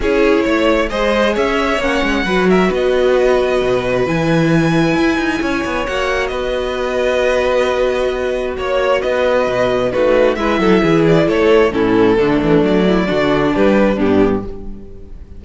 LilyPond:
<<
  \new Staff \with { instrumentName = "violin" } { \time 4/4 \tempo 4 = 133 cis''2 dis''4 e''4 | fis''4. e''8 dis''2~ | dis''4 gis''2.~ | gis''4 fis''4 dis''2~ |
dis''2. cis''4 | dis''2 b'4 e''4~ | e''8 d''8 cis''4 a'2 | d''2 b'4 g'4 | }
  \new Staff \with { instrumentName = "violin" } { \time 4/4 gis'4 cis''4 c''4 cis''4~ | cis''4 b'8 ais'8 b'2~ | b'1 | cis''2 b'2~ |
b'2. cis''4 | b'2 fis'4 b'8 a'8 | gis'4 a'4 e'4 d'4~ | d'8 e'8 fis'4 g'4 d'4 | }
  \new Staff \with { instrumentName = "viola" } { \time 4/4 e'2 gis'2 | cis'4 fis'2.~ | fis'4 e'2.~ | e'4 fis'2.~ |
fis'1~ | fis'2 dis'4 e'4~ | e'2 cis'4 a4~ | a4 d'2 b4 | }
  \new Staff \with { instrumentName = "cello" } { \time 4/4 cis'4 a4 gis4 cis'4 | ais8 gis8 fis4 b2 | b,4 e2 e'8 dis'8 | cis'8 b8 ais4 b2~ |
b2. ais4 | b4 b,4 a4 gis8 fis8 | e4 a4 a,4 d8 e8 | fis4 d4 g4 g,4 | }
>>